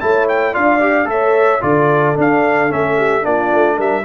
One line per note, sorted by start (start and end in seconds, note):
0.00 0.56 A3
0.00 0.53 E4
0.00 0.53 C#5
0.00 0.27 A5
0.29 0.55 G5
0.53 1.06 D4
0.53 0.80 F4
0.53 1.07 D5
0.53 1.09 F5
0.80 1.05 G4
1.05 1.60 A3
1.05 1.59 A4
1.05 1.62 C#5
1.05 1.63 E5
1.61 2.17 D3
1.61 2.15 F4
1.61 2.97 A4
1.61 2.17 D5
2.15 2.69 D4
2.15 2.72 D4
2.15 2.72 F5
2.69 3.25 A3
2.69 3.22 C#4
2.69 3.25 E5
2.97 3.24 G4
3.22 3.52 A#3
3.22 4.03 D4
3.22 3.76 F4
3.22 3.79 D5
3.52 3.79 A3
3.76 4.05 G3
3.76 4.03 A#4
3.76 4.05 E5